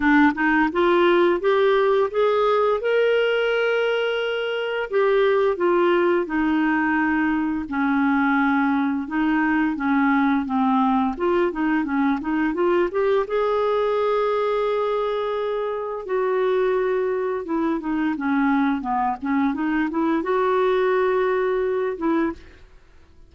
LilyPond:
\new Staff \with { instrumentName = "clarinet" } { \time 4/4 \tempo 4 = 86 d'8 dis'8 f'4 g'4 gis'4 | ais'2. g'4 | f'4 dis'2 cis'4~ | cis'4 dis'4 cis'4 c'4 |
f'8 dis'8 cis'8 dis'8 f'8 g'8 gis'4~ | gis'2. fis'4~ | fis'4 e'8 dis'8 cis'4 b8 cis'8 | dis'8 e'8 fis'2~ fis'8 e'8 | }